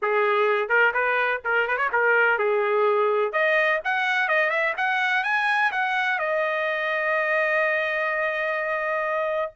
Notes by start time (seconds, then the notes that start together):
0.02 G#4
0.68 A#4
0.93 B4
1.44 A#4
1.67 B4
1.77 C#5
1.92 A#4
2.38 G#4
3.32 D#5
3.84 F#5
4.28 D#5
4.49 E5
4.77 F#5
5.23 G#5
5.71 F#5
6.18 D#5